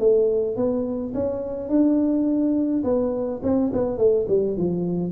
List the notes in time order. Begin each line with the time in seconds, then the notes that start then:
0.00 A3
0.56 B3
1.15 C#4
1.70 D4
2.84 B3
3.43 C4
3.74 B3
3.98 A3
4.29 G3
4.57 F3